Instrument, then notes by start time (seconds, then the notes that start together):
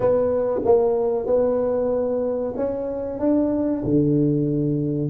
tuba
0.00 B3
0.64 A#3
1.26 B3
2.56 C#4
3.19 D4
3.84 D3